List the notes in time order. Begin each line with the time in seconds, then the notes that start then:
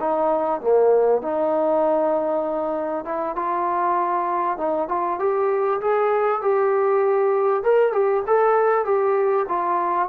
0.00 D#4
0.61 A#3
1.22 D#4
3.05 E4
3.36 F4
4.58 D#4
4.89 F4
5.19 G4
5.81 G#4
6.42 G4
7.64 A#4
7.93 G4
8.27 A4
8.85 G4
9.48 F4